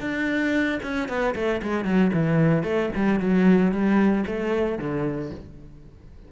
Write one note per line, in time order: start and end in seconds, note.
0.00 0.79 D4
0.82 1.08 C#4
1.08 1.34 B3
1.34 1.61 A3
1.62 1.84 G#3
1.84 2.11 F#3
2.13 2.63 E3
2.63 2.89 A3
2.95 3.19 G3
3.19 3.71 F#3
3.71 4.24 G3
4.26 4.78 A3
4.78 5.30 D3